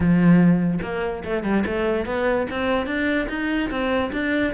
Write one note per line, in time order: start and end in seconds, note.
0.00 0.79 F3
0.82 1.23 A#3
1.24 1.43 A3
1.43 1.64 G3
1.66 2.05 A3
2.05 2.46 B3
2.50 2.86 C4
2.86 3.27 D4
3.29 3.70 D#4
3.70 4.11 C4
4.12 4.53 D4